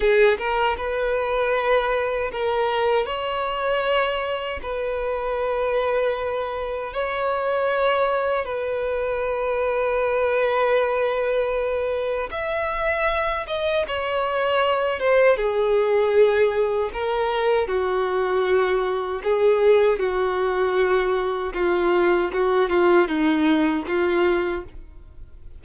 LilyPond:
\new Staff \with { instrumentName = "violin" } { \time 4/4 \tempo 4 = 78 gis'8 ais'8 b'2 ais'4 | cis''2 b'2~ | b'4 cis''2 b'4~ | b'1 |
e''4. dis''8 cis''4. c''8 | gis'2 ais'4 fis'4~ | fis'4 gis'4 fis'2 | f'4 fis'8 f'8 dis'4 f'4 | }